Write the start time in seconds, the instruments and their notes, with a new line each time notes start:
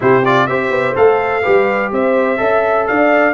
0.00 tuba C3, trombone E4, horn G4, trumpet C5
0.25 trombone F4, trumpet D5
0.46 tuba C4, trombone G4, horn C5, trumpet E5
0.70 tuba B3
0.95 tuba A3, trombone A4, trumpet F5
1.42 tuba G3, trombone G4, horn B4
1.91 tuba C4, horn C5, trumpet E5
2.37 tuba C#4, trombone A4, horn E5
2.87 tuba D4, horn D5, trumpet F5